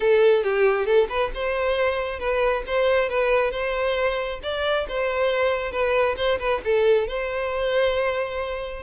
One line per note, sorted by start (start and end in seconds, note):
0.00 0.43 A4
0.43 0.85 G4
0.85 1.07 A4
1.09 1.31 B4
1.34 2.19 C5
2.19 2.63 B4
2.66 3.09 C5
3.09 3.51 B4
3.51 4.39 C5
4.42 4.86 D5
4.88 5.71 C5
5.71 6.15 B4
6.16 6.38 C5
6.39 6.61 B4
6.64 7.07 A4
7.07 8.82 C5